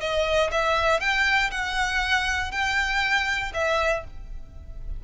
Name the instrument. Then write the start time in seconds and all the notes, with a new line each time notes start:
violin
0.00 D#5
0.51 E5
1.00 G5
1.51 F#5
2.51 G5
3.53 E5